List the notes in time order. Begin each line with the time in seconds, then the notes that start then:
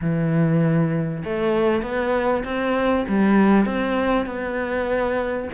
0.01 E3
1.24 A3
1.82 B3
2.44 C4
3.08 G3
3.65 C4
4.26 B3